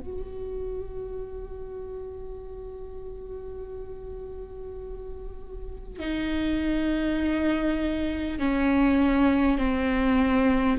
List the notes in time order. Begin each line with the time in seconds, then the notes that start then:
0.00 F#4
5.99 D#4
8.38 C#4
9.58 C4